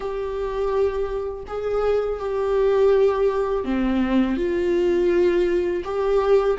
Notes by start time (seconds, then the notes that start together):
0.00 G4
1.47 G#4
2.19 G4
3.64 C4
4.36 F4
5.84 G4